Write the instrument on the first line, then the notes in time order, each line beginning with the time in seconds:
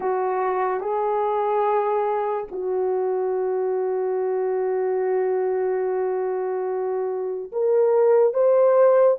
horn
0.00 F#4
0.80 G#4
2.51 F#4
7.52 A#4
8.33 C5